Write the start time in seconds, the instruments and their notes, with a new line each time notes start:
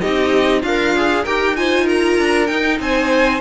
0.00 cello C4, viola D#4, violin G4 D#5
0.61 cello D4, violin F4 F5, viola A#4
0.96 viola G#4
1.23 cello D#4, viola G4, violin A#4 G5
1.56 viola F4, violin C5 G#5
1.84 violin A#4 A#5
2.19 cello D4
2.47 viola D#4, cello D#4, violin G5
2.80 cello C4, violin C5 G#5